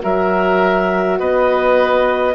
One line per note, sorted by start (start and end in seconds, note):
0.00 1.20 F#3
0.00 2.34 F#4
0.00 1.19 A#4
0.00 1.19 E5
1.19 2.34 B3
1.19 2.34 B4
1.19 2.34 D#5